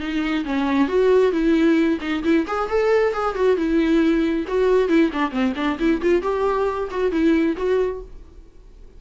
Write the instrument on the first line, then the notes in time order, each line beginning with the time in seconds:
viola
0.00 D#4
0.45 C#4
0.88 F#4
1.32 E4
2.01 D#4
2.24 E4
2.47 G#4
2.69 A4
3.14 G#4
3.35 F#4
3.57 E4
4.48 F#4
4.88 E4
5.13 D4
5.31 C4
5.56 D4
5.79 E4
6.02 F4
6.22 G4
6.91 F#4
7.12 E4
7.57 F#4